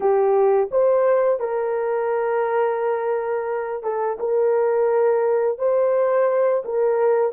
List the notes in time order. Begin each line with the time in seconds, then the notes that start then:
0.00 G4
0.71 C5
1.39 A#4
3.83 A4
4.19 A#4
5.58 C5
6.64 A#4